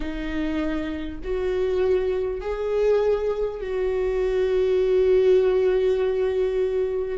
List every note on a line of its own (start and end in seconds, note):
0.00 1.18 D#4
1.23 2.41 F#4
2.41 3.60 G#4
3.60 7.18 F#4